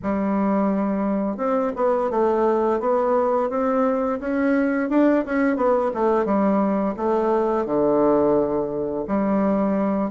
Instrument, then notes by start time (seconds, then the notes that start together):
bassoon
0.02 G3
1.37 C4
1.76 B3
2.10 A3
2.80 B3
3.49 C4
4.20 C#4
4.89 D4
5.25 C#4
5.56 B3
5.93 A3
6.25 G3
6.96 A3
7.65 D3
9.07 G3